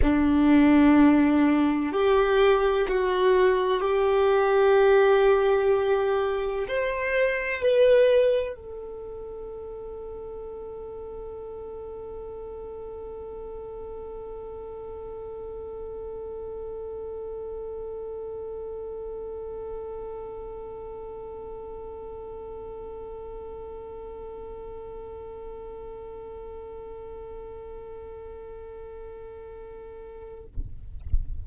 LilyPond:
\new Staff \with { instrumentName = "violin" } { \time 4/4 \tempo 4 = 63 d'2 g'4 fis'4 | g'2. c''4 | b'4 a'2.~ | a'1~ |
a'1~ | a'1~ | a'1~ | a'1 | }